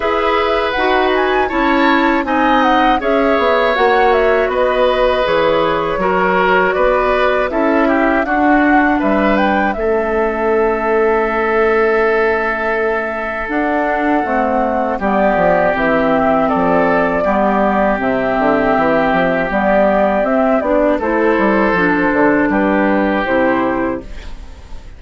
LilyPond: <<
  \new Staff \with { instrumentName = "flute" } { \time 4/4 \tempo 4 = 80 e''4 fis''8 gis''8 a''4 gis''8 fis''8 | e''4 fis''8 e''8 dis''4 cis''4~ | cis''4 d''4 e''4 fis''4 | e''8 g''8 e''2.~ |
e''2 fis''2 | d''4 e''4 d''2 | e''2 d''4 e''8 d''8 | c''2 b'4 c''4 | }
  \new Staff \with { instrumentName = "oboe" } { \time 4/4 b'2 cis''4 dis''4 | cis''2 b'2 | ais'4 b'4 a'8 g'8 fis'4 | b'4 a'2.~ |
a'1 | g'2 a'4 g'4~ | g'1 | a'2 g'2 | }
  \new Staff \with { instrumentName = "clarinet" } { \time 4/4 gis'4 fis'4 e'4 dis'4 | gis'4 fis'2 gis'4 | fis'2 e'4 d'4~ | d'4 cis'2.~ |
cis'2 d'4 a4 | b4 c'2 b4 | c'2 b4 c'8 d'8 | e'4 d'2 e'4 | }
  \new Staff \with { instrumentName = "bassoon" } { \time 4/4 e'4 dis'4 cis'4 c'4 | cis'8 b8 ais4 b4 e4 | fis4 b4 cis'4 d'4 | g4 a2.~ |
a2 d'4 c'4 | g8 f8 e4 f4 g4 | c8 d8 e8 f8 g4 c'8 b8 | a8 g8 f8 d8 g4 c4 | }
>>